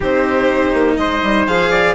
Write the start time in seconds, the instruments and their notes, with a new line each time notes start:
0.00 bassoon C4, cello D#4, trumpet G4, violin C5
0.73 bassoon A#3
0.96 bassoon G#3, trumpet C5, violin D#5
1.22 bassoon G3
1.47 bassoon F3, cello G#4, violin F5
1.70 trumpet D5